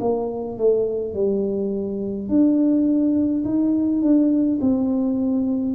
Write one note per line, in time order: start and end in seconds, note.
0.00 0.58 A#3
0.58 1.13 A3
1.13 2.29 G3
2.29 3.44 D4
3.44 4.02 D#4
4.02 4.59 D4
4.61 5.75 C4